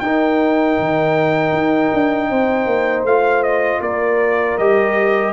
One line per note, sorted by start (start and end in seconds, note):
0.00 0.78 D#4
0.00 3.08 D#4
0.00 2.30 A#4
0.00 3.04 G5
0.80 1.53 D#3
1.53 1.91 D#4
1.94 2.30 D4
2.30 2.66 C4
2.30 3.82 C5
2.66 3.04 A#3
3.04 3.80 A3
3.04 4.60 F4
3.04 3.43 F5
3.43 3.81 D#5
3.81 4.57 A#3
3.81 5.33 A#4
3.81 4.58 D5
4.58 5.33 G3
4.58 5.33 G4
4.58 5.33 D#5